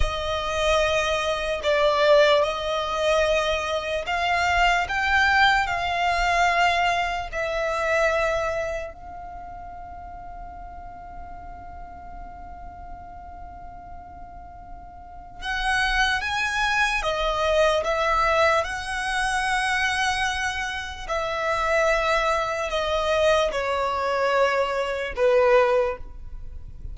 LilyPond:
\new Staff \with { instrumentName = "violin" } { \time 4/4 \tempo 4 = 74 dis''2 d''4 dis''4~ | dis''4 f''4 g''4 f''4~ | f''4 e''2 f''4~ | f''1~ |
f''2. fis''4 | gis''4 dis''4 e''4 fis''4~ | fis''2 e''2 | dis''4 cis''2 b'4 | }